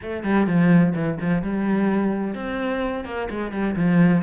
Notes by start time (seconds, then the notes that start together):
0.02 A3
0.23 G3
0.46 F3
0.94 E3
1.20 F3
1.42 G3
2.34 C4
3.05 A#3
3.30 G#3
3.51 G3
3.75 F3